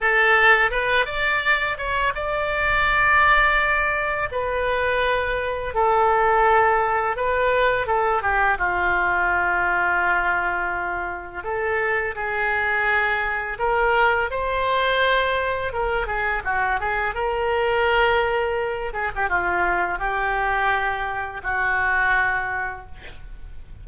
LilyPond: \new Staff \with { instrumentName = "oboe" } { \time 4/4 \tempo 4 = 84 a'4 b'8 d''4 cis''8 d''4~ | d''2 b'2 | a'2 b'4 a'8 g'8 | f'1 |
a'4 gis'2 ais'4 | c''2 ais'8 gis'8 fis'8 gis'8 | ais'2~ ais'8 gis'16 g'16 f'4 | g'2 fis'2 | }